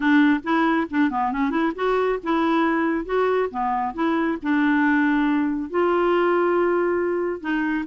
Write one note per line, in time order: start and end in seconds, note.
0.00 0.40 D4
0.43 0.87 E4
0.90 1.10 D4
1.10 1.31 B3
1.31 1.50 C#4
1.50 1.72 E4
1.75 2.19 F#4
2.23 3.05 E4
3.05 3.49 F#4
3.50 3.94 B3
3.94 4.38 E4
4.42 5.70 D4
5.70 7.41 F4
7.41 7.84 D#4